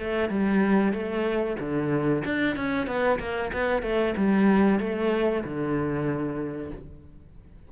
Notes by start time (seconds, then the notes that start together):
0.00 A3
0.30 G3
0.93 A3
1.60 D3
2.25 D4
2.56 C#4
2.87 B3
3.19 A#3
3.53 B3
3.83 A3
4.17 G3
4.80 A3
5.45 D3